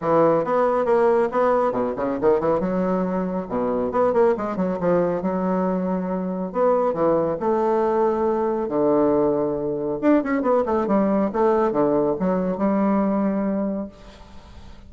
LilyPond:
\new Staff \with { instrumentName = "bassoon" } { \time 4/4 \tempo 4 = 138 e4 b4 ais4 b4 | b,8 cis8 dis8 e8 fis2 | b,4 b8 ais8 gis8 fis8 f4 | fis2. b4 |
e4 a2. | d2. d'8 cis'8 | b8 a8 g4 a4 d4 | fis4 g2. | }